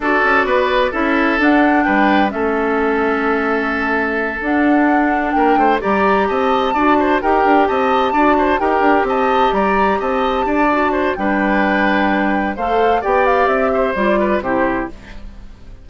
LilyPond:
<<
  \new Staff \with { instrumentName = "flute" } { \time 4/4 \tempo 4 = 129 d''2 e''4 fis''4 | g''4 e''2.~ | e''4. fis''2 g''8~ | g''8 ais''4 a''2 g''8~ |
g''8 a''2 g''4 a''8~ | a''8 ais''4 a''2~ a''8 | g''2. f''4 | g''8 f''8 e''4 d''4 c''4 | }
  \new Staff \with { instrumentName = "oboe" } { \time 4/4 a'4 b'4 a'2 | b'4 a'2.~ | a'2.~ a'8 ais'8 | c''8 d''4 dis''4 d''8 c''8 ais'8~ |
ais'8 dis''4 d''8 c''8 ais'4 dis''8~ | dis''8 d''4 dis''4 d''4 c''8 | b'2. c''4 | d''4. c''4 b'8 g'4 | }
  \new Staff \with { instrumentName = "clarinet" } { \time 4/4 fis'2 e'4 d'4~ | d'4 cis'2.~ | cis'4. d'2~ d'8~ | d'8 g'2 fis'4 g'8~ |
g'4. fis'4 g'4.~ | g'2. fis'4 | d'2. a'4 | g'2 f'4 e'4 | }
  \new Staff \with { instrumentName = "bassoon" } { \time 4/4 d'8 cis'8 b4 cis'4 d'4 | g4 a2.~ | a4. d'2 ais8 | a8 g4 c'4 d'4 dis'8 |
d'8 c'4 d'4 dis'8 d'8 c'8~ | c'8 g4 c'4 d'4. | g2. a4 | b4 c'4 g4 c4 | }
>>